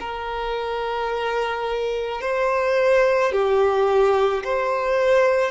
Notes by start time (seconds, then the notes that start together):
0.00 A#4
2.21 C5
3.32 G4
4.44 C5